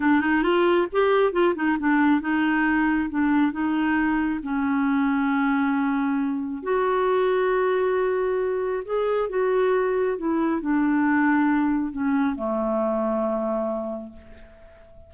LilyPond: \new Staff \with { instrumentName = "clarinet" } { \time 4/4 \tempo 4 = 136 d'8 dis'8 f'4 g'4 f'8 dis'8 | d'4 dis'2 d'4 | dis'2 cis'2~ | cis'2. fis'4~ |
fis'1 | gis'4 fis'2 e'4 | d'2. cis'4 | a1 | }